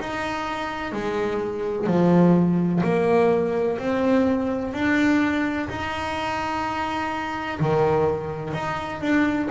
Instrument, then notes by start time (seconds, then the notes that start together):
double bass
0.00 D#4
0.92 G#3
1.86 F3
2.83 A#3
3.78 C4
4.73 D4
5.68 D#4
7.59 D#3
8.53 D#4
9.00 D4